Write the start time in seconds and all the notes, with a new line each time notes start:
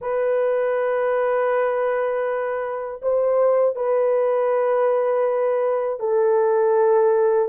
0.01 B4
3.01 C5
3.75 B4
5.99 A4